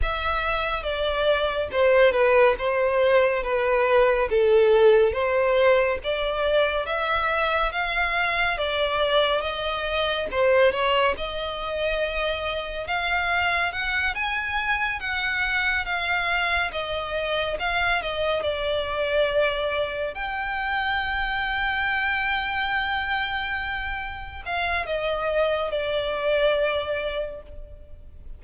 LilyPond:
\new Staff \with { instrumentName = "violin" } { \time 4/4 \tempo 4 = 70 e''4 d''4 c''8 b'8 c''4 | b'4 a'4 c''4 d''4 | e''4 f''4 d''4 dis''4 | c''8 cis''8 dis''2 f''4 |
fis''8 gis''4 fis''4 f''4 dis''8~ | dis''8 f''8 dis''8 d''2 g''8~ | g''1~ | g''8 f''8 dis''4 d''2 | }